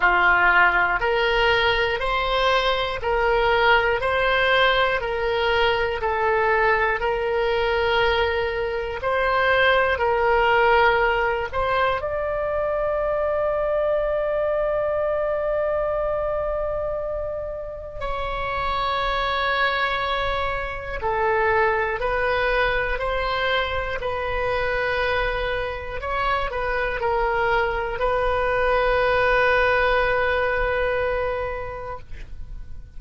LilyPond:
\new Staff \with { instrumentName = "oboe" } { \time 4/4 \tempo 4 = 60 f'4 ais'4 c''4 ais'4 | c''4 ais'4 a'4 ais'4~ | ais'4 c''4 ais'4. c''8 | d''1~ |
d''2 cis''2~ | cis''4 a'4 b'4 c''4 | b'2 cis''8 b'8 ais'4 | b'1 | }